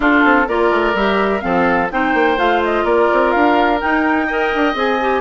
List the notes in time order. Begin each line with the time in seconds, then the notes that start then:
0.00 D4 F4 A4
0.24 C4
0.48 A#3 F4 A#4 D5
0.70 A3
0.94 G3 G4 E5
1.40 F3 C4 A4 F5
1.91 C4 D#4 C5 G5
2.14 A#3
2.36 A3 F4 F5
2.63 D#5
2.84 A#3 A#4 D5
3.13 C4
3.31 D4 F5
3.79 D#4 G5
4.26 A#4 D#5
4.54 D4
4.74 C4 G#4 G#5
5.00 G4